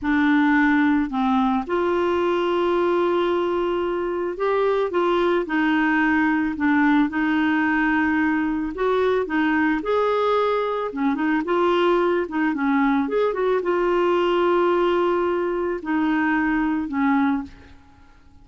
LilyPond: \new Staff \with { instrumentName = "clarinet" } { \time 4/4 \tempo 4 = 110 d'2 c'4 f'4~ | f'1 | g'4 f'4 dis'2 | d'4 dis'2. |
fis'4 dis'4 gis'2 | cis'8 dis'8 f'4. dis'8 cis'4 | gis'8 fis'8 f'2.~ | f'4 dis'2 cis'4 | }